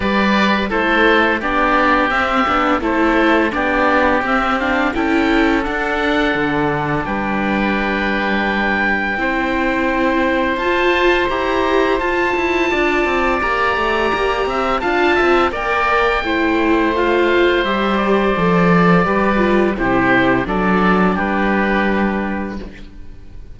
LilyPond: <<
  \new Staff \with { instrumentName = "oboe" } { \time 4/4 \tempo 4 = 85 d''4 c''4 d''4 e''4 | c''4 d''4 e''8 f''8 g''4 | fis''2 g''2~ | g''2. a''4 |
ais''4 a''2 ais''4~ | ais''4 a''4 g''2 | f''4 e''8 d''2~ d''8 | c''4 d''4 b'2 | }
  \new Staff \with { instrumentName = "oboe" } { \time 4/4 b'4 a'4 g'2 | a'4 g'2 a'4~ | a'2 b'2~ | b'4 c''2.~ |
c''2 d''2~ | d''8 e''8 f''8 e''8 d''4 c''4~ | c''2. b'4 | g'4 a'4 g'2 | }
  \new Staff \with { instrumentName = "viola" } { \time 4/4 g'4 e'4 d'4 c'8 d'8 | e'4 d'4 c'8 d'8 e'4 | d'1~ | d'4 e'2 f'4 |
g'4 f'2 g'4~ | g'4 f'4 ais'4 e'4 | f'4 g'4 a'4 g'8 f'8 | e'4 d'2. | }
  \new Staff \with { instrumentName = "cello" } { \time 4/4 g4 a4 b4 c'8 b8 | a4 b4 c'4 cis'4 | d'4 d4 g2~ | g4 c'2 f'4 |
e'4 f'8 e'8 d'8 c'8 ais8 a8 | ais8 c'8 d'8 c'8 ais4 a4~ | a4 g4 f4 g4 | c4 fis4 g2 | }
>>